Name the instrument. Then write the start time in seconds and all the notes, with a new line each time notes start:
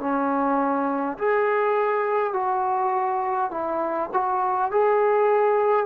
trombone
0.00 C#4
1.18 G#4
2.33 F#4
3.51 E4
4.13 F#4
4.71 G#4